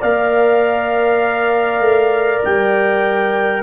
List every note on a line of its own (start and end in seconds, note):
0.00 1.80 A#3
0.00 3.62 A#4
0.00 3.60 D5
0.00 2.42 F5
1.80 2.40 A3
2.44 3.62 G3
2.44 3.62 G5